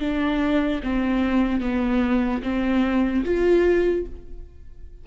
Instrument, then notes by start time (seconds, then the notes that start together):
viola
0.00 D4
0.83 C4
1.61 B3
2.43 C4
3.25 F4